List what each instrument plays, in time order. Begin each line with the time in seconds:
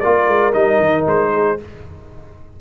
0.00 tuba A#3, trombone F4, horn A#4, trumpet D5
0.27 tuba G#3
0.52 tuba G3, trombone D#4, trumpet D#5
0.79 tuba D#3
1.06 tuba G#3, trumpet C5
1.33 horn G#4